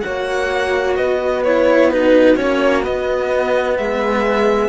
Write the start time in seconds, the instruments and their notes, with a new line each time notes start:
0.00 cello F#4, horn C#5, violin F#5
0.06 cello A#3
0.96 cello B3, horn B4, violin D#5
1.44 cello E4, violin C#5
1.90 cello D#4, horn F#4, violin B4
2.36 cello A#3 C#4, violin C#5
2.82 cello B3, violin D#5
3.77 cello G#3, horn G#4, violin E5